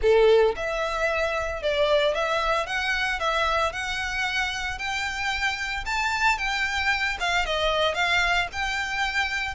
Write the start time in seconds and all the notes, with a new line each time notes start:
0.01 A4
0.56 E5
1.62 D5
2.14 E5
2.66 F#5
3.19 E5
3.72 F#5
4.78 G5
5.86 A5
6.37 G5
7.19 F5
7.45 D#5
7.94 F5
8.52 G5